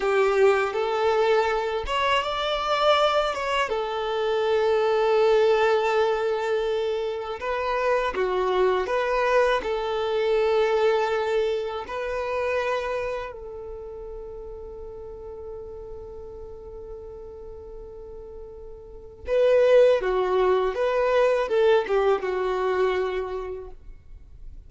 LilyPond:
\new Staff \with { instrumentName = "violin" } { \time 4/4 \tempo 4 = 81 g'4 a'4. cis''8 d''4~ | d''8 cis''8 a'2.~ | a'2 b'4 fis'4 | b'4 a'2. |
b'2 a'2~ | a'1~ | a'2 b'4 fis'4 | b'4 a'8 g'8 fis'2 | }